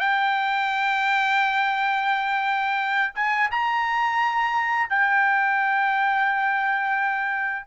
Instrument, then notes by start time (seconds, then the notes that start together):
trumpet
0.00 G5
3.16 G#5
3.51 A#5
4.90 G5